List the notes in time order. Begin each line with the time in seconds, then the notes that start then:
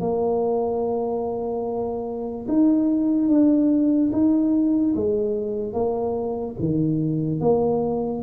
0.00 A#3
2.48 D#4
3.28 D4
4.12 D#4
4.95 G#3
5.73 A#3
6.59 D#3
7.40 A#3